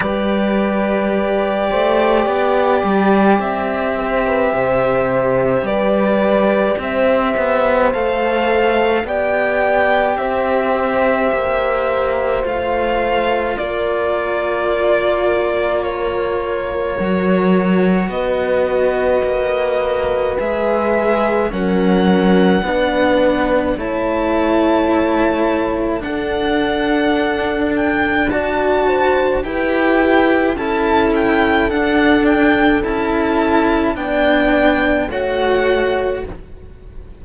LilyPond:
<<
  \new Staff \with { instrumentName = "violin" } { \time 4/4 \tempo 4 = 53 d''2. e''4~ | e''4 d''4 e''4 f''4 | g''4 e''2 f''4 | d''2 cis''2 |
dis''2 e''4 fis''4~ | fis''4 a''2 fis''4~ | fis''8 g''8 a''4 g''4 a''8 g''8 | fis''8 g''8 a''4 g''4 fis''4 | }
  \new Staff \with { instrumentName = "horn" } { \time 4/4 b'4. c''8 d''4. c''16 b'16 | c''4 b'4 c''2 | d''4 c''2. | ais'1 |
b'2. ais'4 | b'4 cis''2 a'4~ | a'4 d''8 c''8 b'4 a'4~ | a'2 d''4 cis''4 | }
  \new Staff \with { instrumentName = "cello" } { \time 4/4 g'1~ | g'2. a'4 | g'2. f'4~ | f'2. fis'4~ |
fis'2 gis'4 cis'4 | d'4 e'2 d'4~ | d'4 fis'4 g'4 e'4 | d'4 e'4 d'4 fis'4 | }
  \new Staff \with { instrumentName = "cello" } { \time 4/4 g4. a8 b8 g8 c'4 | c4 g4 c'8 b8 a4 | b4 c'4 ais4 a4 | ais2. fis4 |
b4 ais4 gis4 fis4 | b4 a2 d'4~ | d'2 e'4 cis'4 | d'4 cis'4 b4 a4 | }
>>